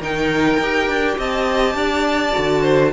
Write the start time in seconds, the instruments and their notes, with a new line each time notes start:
0.00 cello D#3, viola D#4, violin A#4 G5
0.58 cello D#4, viola G4
0.87 cello D4
1.17 cello C4, violin D#5 A5
1.74 cello D4, violin D5
2.33 cello D3, viola F#4
2.62 violin C5